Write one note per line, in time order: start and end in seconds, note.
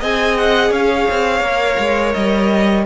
0.00 0.71 C4
0.00 1.42 G#4
0.00 0.71 D#5
0.00 0.37 G#5
0.37 0.72 F#5
0.71 1.06 C#4
0.71 2.85 C#5
0.71 2.12 F5
1.10 1.40 C4
1.40 1.76 A#3
1.40 2.85 A#4
1.79 2.14 G#3
2.12 2.86 G3
2.12 2.84 D#5